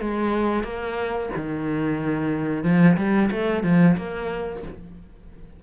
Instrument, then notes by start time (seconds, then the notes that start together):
cello
0.00 G#3
0.64 A#3
1.36 D#3
2.63 F3
2.97 G3
3.31 A3
3.63 F3
3.97 A#3